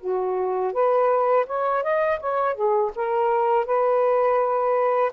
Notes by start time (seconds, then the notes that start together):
0.00 F#4
0.73 B4
1.47 C#5
1.83 D#5
2.20 C#5
2.55 G#4
2.96 A#4
3.66 B4